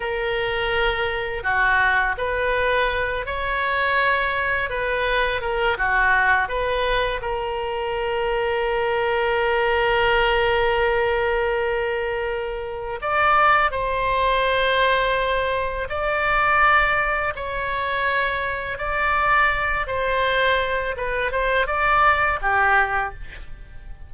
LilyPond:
\new Staff \with { instrumentName = "oboe" } { \time 4/4 \tempo 4 = 83 ais'2 fis'4 b'4~ | b'8 cis''2 b'4 ais'8 | fis'4 b'4 ais'2~ | ais'1~ |
ais'2 d''4 c''4~ | c''2 d''2 | cis''2 d''4. c''8~ | c''4 b'8 c''8 d''4 g'4 | }